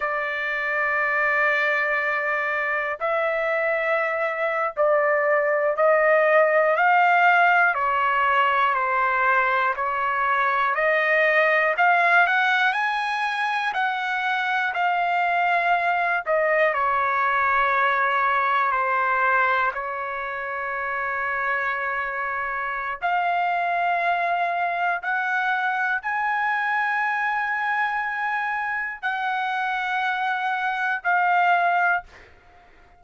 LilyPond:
\new Staff \with { instrumentName = "trumpet" } { \time 4/4 \tempo 4 = 60 d''2. e''4~ | e''8. d''4 dis''4 f''4 cis''16~ | cis''8. c''4 cis''4 dis''4 f''16~ | f''16 fis''8 gis''4 fis''4 f''4~ f''16~ |
f''16 dis''8 cis''2 c''4 cis''16~ | cis''2. f''4~ | f''4 fis''4 gis''2~ | gis''4 fis''2 f''4 | }